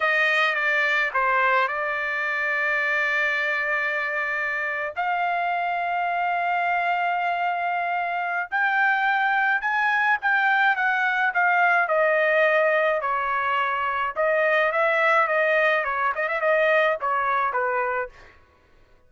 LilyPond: \new Staff \with { instrumentName = "trumpet" } { \time 4/4 \tempo 4 = 106 dis''4 d''4 c''4 d''4~ | d''1~ | d''8. f''2.~ f''16~ | f''2. g''4~ |
g''4 gis''4 g''4 fis''4 | f''4 dis''2 cis''4~ | cis''4 dis''4 e''4 dis''4 | cis''8 dis''16 e''16 dis''4 cis''4 b'4 | }